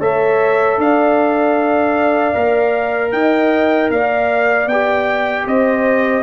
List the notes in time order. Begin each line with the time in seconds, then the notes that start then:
0.00 A3 A4 C#5 E5
0.78 D4 D5 F5
2.34 A#3 A#4
3.12 D#4 D#5 G5
3.90 A#3 D5 F5
4.67 B3 G4 G5
5.46 C4 C5 D#5